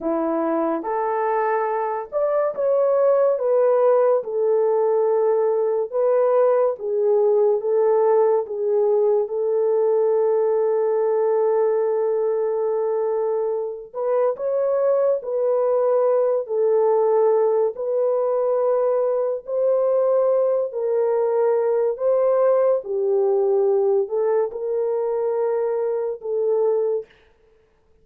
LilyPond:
\new Staff \with { instrumentName = "horn" } { \time 4/4 \tempo 4 = 71 e'4 a'4. d''8 cis''4 | b'4 a'2 b'4 | gis'4 a'4 gis'4 a'4~ | a'1~ |
a'8 b'8 cis''4 b'4. a'8~ | a'4 b'2 c''4~ | c''8 ais'4. c''4 g'4~ | g'8 a'8 ais'2 a'4 | }